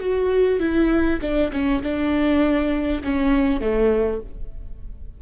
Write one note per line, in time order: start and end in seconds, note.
0.00 0.60 F#4
0.60 1.20 E4
1.22 1.52 D4
1.52 1.82 C#4
1.83 3.03 D4
3.04 3.61 C#4
3.61 4.21 A3